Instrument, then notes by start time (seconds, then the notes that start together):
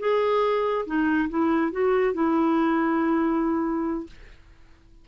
clarinet
0.00 G#4
0.86 D#4
1.30 E4
1.72 F#4
2.14 E4